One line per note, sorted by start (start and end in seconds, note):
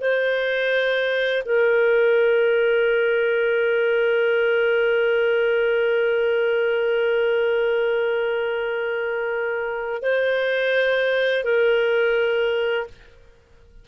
0.00 1.43 C5
1.45 10.02 A#4
10.02 11.44 C5
11.44 12.86 A#4